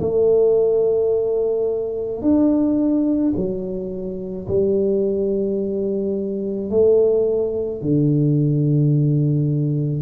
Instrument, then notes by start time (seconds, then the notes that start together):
tuba
0.00 A3
2.22 D4
3.36 F#3
4.48 G3
6.70 A3
7.81 D3